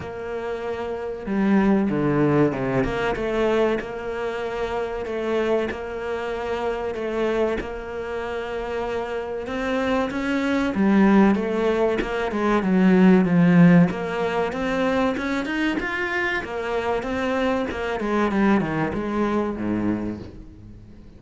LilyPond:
\new Staff \with { instrumentName = "cello" } { \time 4/4 \tempo 4 = 95 ais2 g4 d4 | c8 ais8 a4 ais2 | a4 ais2 a4 | ais2. c'4 |
cis'4 g4 a4 ais8 gis8 | fis4 f4 ais4 c'4 | cis'8 dis'8 f'4 ais4 c'4 | ais8 gis8 g8 dis8 gis4 gis,4 | }